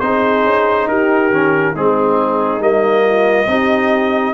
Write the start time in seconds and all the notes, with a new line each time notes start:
0.00 C4 D#4 G#4 C5
0.44 C#4
0.87 D#4 G4 A#4
1.30 D#3 C#4
1.73 G#3 C4 D#4 G#4
2.59 G3 A#3 D#5
3.05 F4
3.47 C4 D#4 G4